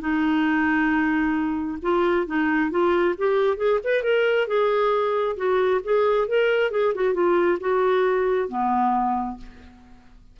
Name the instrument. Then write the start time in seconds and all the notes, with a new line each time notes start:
clarinet
0.00 D#4
1.82 F4
2.26 D#4
2.70 F4
3.17 G4
3.57 G#4
3.83 B4
4.02 A#4
4.47 G#4
5.36 F#4
5.83 G#4
6.27 A#4
6.71 G#4
6.94 F#4
7.14 F4
7.60 F#4
8.48 B3